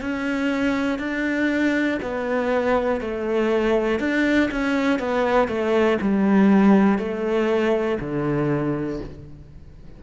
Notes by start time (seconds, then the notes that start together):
0.00 C#4
0.99 D4
2.01 B3
3.00 A3
4.00 D4
4.51 C#4
4.99 B3
5.48 A3
6.00 G3
6.98 A3
8.00 D3